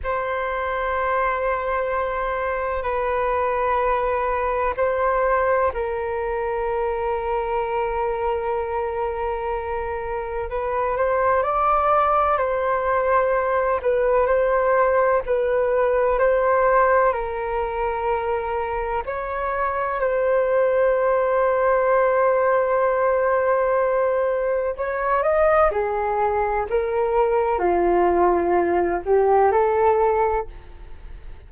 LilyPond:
\new Staff \with { instrumentName = "flute" } { \time 4/4 \tempo 4 = 63 c''2. b'4~ | b'4 c''4 ais'2~ | ais'2. b'8 c''8 | d''4 c''4. b'8 c''4 |
b'4 c''4 ais'2 | cis''4 c''2.~ | c''2 cis''8 dis''8 gis'4 | ais'4 f'4. g'8 a'4 | }